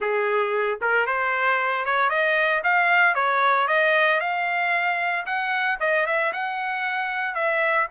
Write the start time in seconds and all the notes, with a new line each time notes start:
0.00 G#4
0.81 A#4
1.06 C5
1.85 C#5
2.09 D#5
2.63 F5
3.15 C#5
3.67 D#5
4.20 F5
5.26 F#5
5.80 D#5
6.06 E5
6.33 F#5
7.34 E5